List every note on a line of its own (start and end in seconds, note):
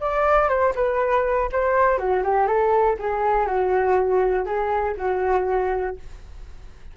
0.00 0.49 D5
0.49 0.73 C5
0.75 1.49 B4
1.52 1.97 C5
1.97 2.22 F#4
2.23 2.47 G4
2.47 2.96 A4
2.99 3.46 G#4
3.46 4.45 F#4
4.45 4.95 G#4
4.97 5.96 F#4